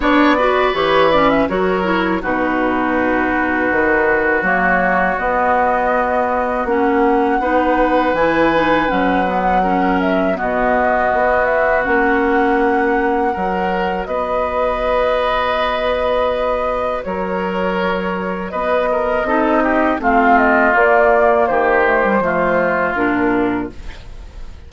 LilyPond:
<<
  \new Staff \with { instrumentName = "flute" } { \time 4/4 \tempo 4 = 81 d''4 cis''8 d''16 e''16 cis''4 b'4~ | b'2 cis''4 dis''4~ | dis''4 fis''2 gis''4 | fis''4. e''8 dis''4. e''8 |
fis''2. dis''4~ | dis''2. cis''4~ | cis''4 dis''2 f''8 dis''8 | d''4 c''2 ais'4 | }
  \new Staff \with { instrumentName = "oboe" } { \time 4/4 cis''8 b'4. ais'4 fis'4~ | fis'1~ | fis'2 b'2~ | b'4 ais'4 fis'2~ |
fis'2 ais'4 b'4~ | b'2. ais'4~ | ais'4 b'8 ais'8 a'8 g'8 f'4~ | f'4 g'4 f'2 | }
  \new Staff \with { instrumentName = "clarinet" } { \time 4/4 d'8 fis'8 g'8 cis'8 fis'8 e'8 dis'4~ | dis'2 ais4 b4~ | b4 cis'4 dis'4 e'8 dis'8 | cis'8 b8 cis'4 b2 |
cis'2 fis'2~ | fis'1~ | fis'2 dis'4 c'4 | ais4. a16 g16 a4 d'4 | }
  \new Staff \with { instrumentName = "bassoon" } { \time 4/4 b4 e4 fis4 b,4~ | b,4 dis4 fis4 b4~ | b4 ais4 b4 e4 | fis2 b,4 b4 |
ais2 fis4 b4~ | b2. fis4~ | fis4 b4 c'4 a4 | ais4 dis4 f4 ais,4 | }
>>